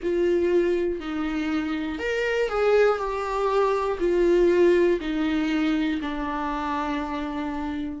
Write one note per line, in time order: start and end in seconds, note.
0.02 1.00 F4
1.00 1.98 D#4
1.98 2.48 A#4
2.49 2.98 G#4
2.98 3.98 G4
4.00 5.00 F4
5.00 6.00 D#4
6.01 8.00 D4